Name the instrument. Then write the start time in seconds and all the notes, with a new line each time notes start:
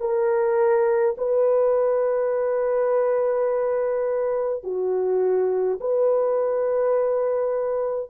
horn
0.00 A#4
1.17 B4
4.63 F#4
5.80 B4